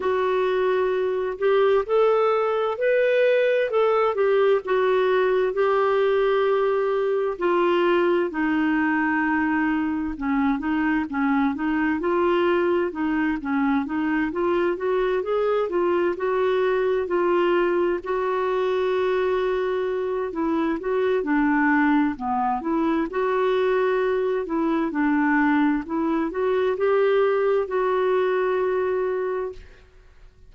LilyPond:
\new Staff \with { instrumentName = "clarinet" } { \time 4/4 \tempo 4 = 65 fis'4. g'8 a'4 b'4 | a'8 g'8 fis'4 g'2 | f'4 dis'2 cis'8 dis'8 | cis'8 dis'8 f'4 dis'8 cis'8 dis'8 f'8 |
fis'8 gis'8 f'8 fis'4 f'4 fis'8~ | fis'2 e'8 fis'8 d'4 | b8 e'8 fis'4. e'8 d'4 | e'8 fis'8 g'4 fis'2 | }